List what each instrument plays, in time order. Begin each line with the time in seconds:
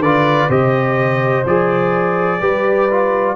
0.00 tuba D3, trombone F4, horn B4, trumpet D5
0.49 tuba C3, trombone G4, horn C5, trumpet D#5
1.46 tuba F3, trombone G#4, trumpet D5
2.41 tuba G3, trombone G4, horn B4
2.91 trombone F4